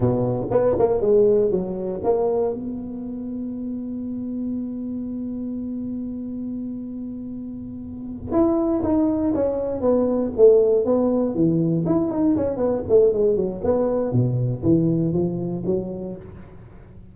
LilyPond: \new Staff \with { instrumentName = "tuba" } { \time 4/4 \tempo 4 = 119 b,4 b8 ais8 gis4 fis4 | ais4 b2.~ | b1~ | b1~ |
b8 e'4 dis'4 cis'4 b8~ | b8 a4 b4 e4 e'8 | dis'8 cis'8 b8 a8 gis8 fis8 b4 | b,4 e4 f4 fis4 | }